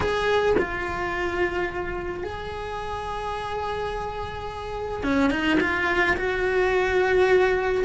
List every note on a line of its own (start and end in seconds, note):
0.00 0.55 G#4
0.58 2.23 F4
2.23 5.03 G#4
5.03 5.30 C#4
5.30 5.58 D#4
5.60 6.16 F4
6.17 7.84 F#4